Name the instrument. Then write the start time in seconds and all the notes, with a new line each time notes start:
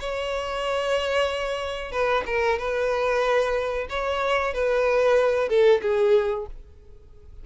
violin
0.00 C#5
1.92 B4
2.27 A#4
2.59 B4
3.90 C#5
4.55 B4
5.49 A4
5.82 G#4